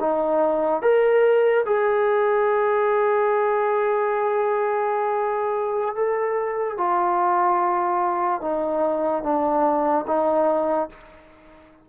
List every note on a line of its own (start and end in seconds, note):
0.00 0.82 D#4
0.82 1.64 A#4
1.66 5.95 G#4
5.95 6.77 A4
6.77 8.41 F4
8.41 9.23 D#4
9.23 10.05 D4
10.07 10.89 D#4